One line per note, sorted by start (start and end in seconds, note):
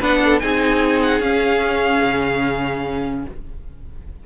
0.00 0.42 B3
0.00 0.41 D4
0.00 0.20 B4
0.00 0.40 F#5
0.24 0.42 A4
0.40 1.20 C4
0.40 1.22 D#4
0.40 3.26 G#4
0.40 1.01 G#5
1.03 1.22 F#5
1.20 2.01 C#4
1.20 3.26 C#4
1.20 3.24 F5
2.04 3.25 C#3